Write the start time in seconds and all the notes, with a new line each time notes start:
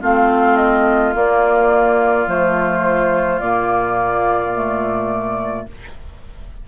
0.00 A3 C4 F4 F5
0.57 D#5
1.14 A#3 D5
2.27 F3 A3 C5
3.40 A#2 A#3 D5
4.55 A3